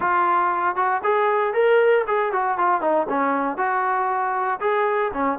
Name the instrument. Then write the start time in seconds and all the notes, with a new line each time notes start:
trombone
0.00 F4
0.76 F#4
1.03 G#4
1.53 A#4
2.07 G#4
2.32 F#4
2.58 F4
2.81 D#4
3.09 C#4
3.57 F#4
4.60 G#4
5.13 C#4